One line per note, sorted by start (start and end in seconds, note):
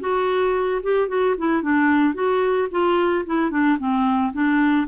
0.00 0.81 F#4
0.82 1.08 G4
1.08 1.35 F#4
1.37 1.62 E4
1.62 2.14 D4
2.14 2.68 F#4
2.71 3.25 F4
3.26 3.50 E4
3.50 3.77 D4
3.78 4.32 C4
4.32 4.86 D4